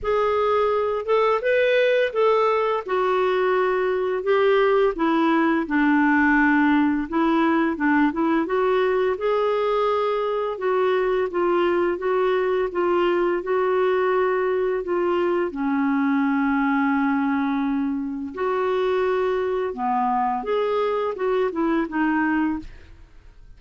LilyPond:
\new Staff \with { instrumentName = "clarinet" } { \time 4/4 \tempo 4 = 85 gis'4. a'8 b'4 a'4 | fis'2 g'4 e'4 | d'2 e'4 d'8 e'8 | fis'4 gis'2 fis'4 |
f'4 fis'4 f'4 fis'4~ | fis'4 f'4 cis'2~ | cis'2 fis'2 | b4 gis'4 fis'8 e'8 dis'4 | }